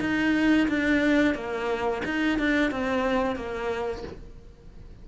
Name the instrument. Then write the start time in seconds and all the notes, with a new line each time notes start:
cello
0.00 D#4
0.68 D4
1.35 A#3
2.05 D#4
2.38 D4
2.71 C4
3.35 A#3